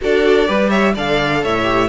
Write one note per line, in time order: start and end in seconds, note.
0.01 0.49 D4
0.01 0.46 F#4
0.01 0.47 A4
0.01 0.70 D5
0.46 0.96 G3
0.46 0.94 G4
0.46 0.69 B4
0.69 0.93 C#5
0.69 0.94 E5
0.94 1.44 D3
0.94 1.63 A4
0.94 1.42 D5
0.94 1.44 F5
1.43 1.88 A2
1.43 1.88 C#5
1.43 1.88 E5
1.63 1.87 G4